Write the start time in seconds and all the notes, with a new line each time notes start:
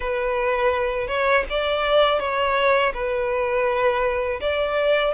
0.00 B4
1.07 C#5
1.49 D5
2.19 C#5
2.93 B4
4.40 D5